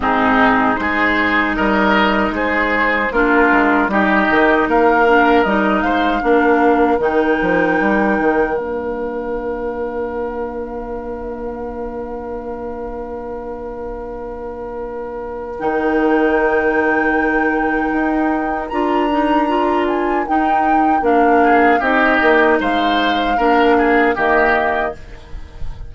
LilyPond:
<<
  \new Staff \with { instrumentName = "flute" } { \time 4/4 \tempo 4 = 77 gis'4 c''4 dis''4 c''4 | ais'4 dis''4 f''4 dis''8 f''8~ | f''4 g''2 f''4~ | f''1~ |
f''1 | g''1 | ais''4. gis''8 g''4 f''4 | dis''4 f''2 dis''4 | }
  \new Staff \with { instrumentName = "oboe" } { \time 4/4 dis'4 gis'4 ais'4 gis'4 | f'4 g'4 ais'4. c''8 | ais'1~ | ais'1~ |
ais'1~ | ais'1~ | ais'2.~ ais'8 gis'8 | g'4 c''4 ais'8 gis'8 g'4 | }
  \new Staff \with { instrumentName = "clarinet" } { \time 4/4 c'4 dis'2. | d'4 dis'4. d'8 dis'4 | d'4 dis'2 d'4~ | d'1~ |
d'1 | dis'1 | f'8 dis'8 f'4 dis'4 d'4 | dis'2 d'4 ais4 | }
  \new Staff \with { instrumentName = "bassoon" } { \time 4/4 gis,4 gis4 g4 gis4 | ais8 gis8 g8 dis8 ais4 g8 gis8 | ais4 dis8 f8 g8 dis8 ais4~ | ais1~ |
ais1 | dis2. dis'4 | d'2 dis'4 ais4 | c'8 ais8 gis4 ais4 dis4 | }
>>